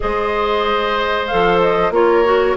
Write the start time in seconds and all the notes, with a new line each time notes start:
0.00 G#3 G#4 C5 D#5
1.27 F3 A4 F5
1.60 D#5
1.90 A#3 F4 A#4 C#5
2.24 F#4